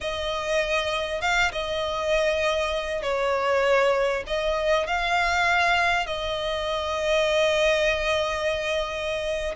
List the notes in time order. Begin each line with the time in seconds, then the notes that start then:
0.00 D#5
1.21 F5
1.52 D#5
3.02 C#5
4.26 D#5
4.87 F5
6.06 D#5